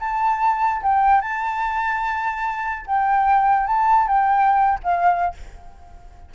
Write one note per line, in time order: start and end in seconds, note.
0.00 0.82 A5
0.83 1.21 G5
1.21 2.86 A5
2.87 3.67 G5
3.67 4.08 A5
4.08 4.80 G5
4.83 5.35 F5